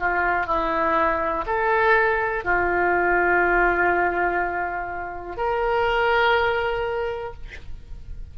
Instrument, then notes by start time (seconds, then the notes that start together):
oboe
0.00 F4
0.47 E4
1.47 A4
2.45 F4
5.37 A#4